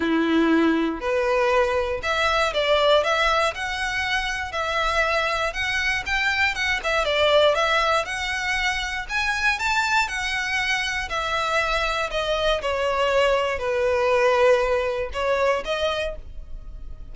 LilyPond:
\new Staff \with { instrumentName = "violin" } { \time 4/4 \tempo 4 = 119 e'2 b'2 | e''4 d''4 e''4 fis''4~ | fis''4 e''2 fis''4 | g''4 fis''8 e''8 d''4 e''4 |
fis''2 gis''4 a''4 | fis''2 e''2 | dis''4 cis''2 b'4~ | b'2 cis''4 dis''4 | }